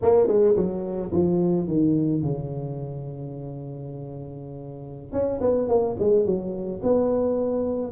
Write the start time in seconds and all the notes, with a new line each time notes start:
0.02 A#3
0.27 G#3
0.56 F#3
1.11 F3
1.67 D#3
2.21 C#3
5.12 C#4
5.40 B3
5.68 A#3
5.98 G#3
6.25 F#3
6.82 B3